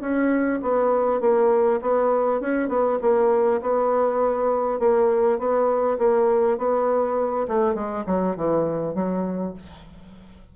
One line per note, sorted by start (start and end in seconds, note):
0.00 0.59 C#4
0.62 1.20 B3
1.20 1.80 A#3
1.81 2.40 B3
2.40 2.68 C#4
2.68 2.98 B3
3.01 3.60 A#3
3.61 4.79 B3
4.79 5.38 A#3
5.38 5.98 B3
5.98 6.57 A#3
6.57 7.46 B3
7.47 7.74 A3
7.74 8.04 G#3
8.06 8.36 F#3
8.36 8.94 E3
8.94 9.53 F#3